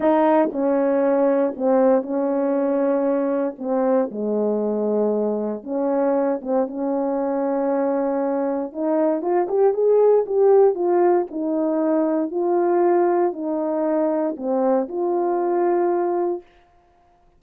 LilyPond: \new Staff \with { instrumentName = "horn" } { \time 4/4 \tempo 4 = 117 dis'4 cis'2 c'4 | cis'2. c'4 | gis2. cis'4~ | cis'8 c'8 cis'2.~ |
cis'4 dis'4 f'8 g'8 gis'4 | g'4 f'4 dis'2 | f'2 dis'2 | c'4 f'2. | }